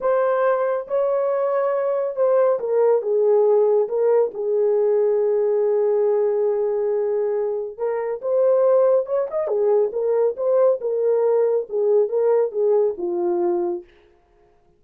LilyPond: \new Staff \with { instrumentName = "horn" } { \time 4/4 \tempo 4 = 139 c''2 cis''2~ | cis''4 c''4 ais'4 gis'4~ | gis'4 ais'4 gis'2~ | gis'1~ |
gis'2 ais'4 c''4~ | c''4 cis''8 dis''8 gis'4 ais'4 | c''4 ais'2 gis'4 | ais'4 gis'4 f'2 | }